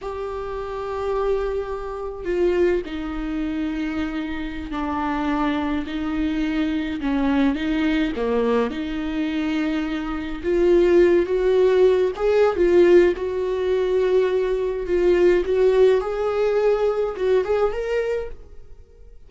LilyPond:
\new Staff \with { instrumentName = "viola" } { \time 4/4 \tempo 4 = 105 g'1 | f'4 dis'2.~ | dis'16 d'2 dis'4.~ dis'16~ | dis'16 cis'4 dis'4 ais4 dis'8.~ |
dis'2~ dis'16 f'4. fis'16~ | fis'4~ fis'16 gis'8. f'4 fis'4~ | fis'2 f'4 fis'4 | gis'2 fis'8 gis'8 ais'4 | }